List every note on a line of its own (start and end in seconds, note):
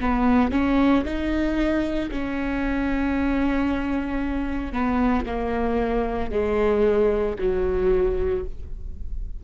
0.00 0.51 B3
0.51 1.04 C#4
1.04 2.10 D#4
2.11 4.72 C#4
4.72 5.25 B3
5.25 6.31 A#3
6.31 7.36 G#3
7.39 8.44 F#3